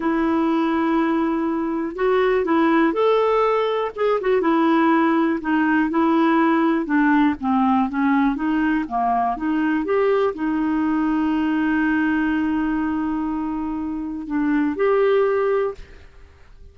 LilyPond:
\new Staff \with { instrumentName = "clarinet" } { \time 4/4 \tempo 4 = 122 e'1 | fis'4 e'4 a'2 | gis'8 fis'8 e'2 dis'4 | e'2 d'4 c'4 |
cis'4 dis'4 ais4 dis'4 | g'4 dis'2.~ | dis'1~ | dis'4 d'4 g'2 | }